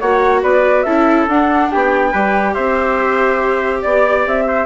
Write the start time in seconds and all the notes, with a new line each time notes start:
0.00 A#3 F#4 C#5 F#5
0.43 B3 B4 D5
0.83 C#4 E4 A4 E5
1.28 D4 F#5
1.71 B3 G4 G5
2.12 G3 G4 B4
2.54 C4 C5 E5
3.82 B3 D5
4.27 C4 E5
4.48 C5